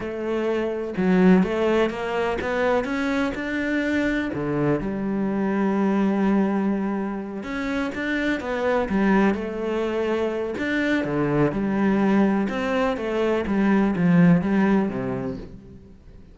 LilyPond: \new Staff \with { instrumentName = "cello" } { \time 4/4 \tempo 4 = 125 a2 fis4 a4 | ais4 b4 cis'4 d'4~ | d'4 d4 g2~ | g2.~ g8 cis'8~ |
cis'8 d'4 b4 g4 a8~ | a2 d'4 d4 | g2 c'4 a4 | g4 f4 g4 c4 | }